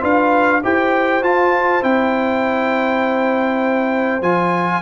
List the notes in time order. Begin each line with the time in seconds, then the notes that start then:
0.00 D4 F4 B4 F5
0.63 E4 G4 C5 G5
1.22 F4 A5
1.81 C4 E4 G5
4.21 F3 F4 G#5